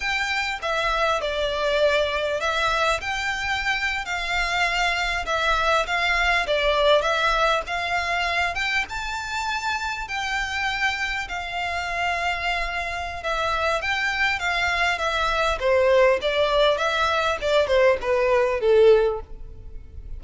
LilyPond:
\new Staff \with { instrumentName = "violin" } { \time 4/4 \tempo 4 = 100 g''4 e''4 d''2 | e''4 g''4.~ g''16 f''4~ f''16~ | f''8. e''4 f''4 d''4 e''16~ | e''8. f''4. g''8 a''4~ a''16~ |
a''8. g''2 f''4~ f''16~ | f''2 e''4 g''4 | f''4 e''4 c''4 d''4 | e''4 d''8 c''8 b'4 a'4 | }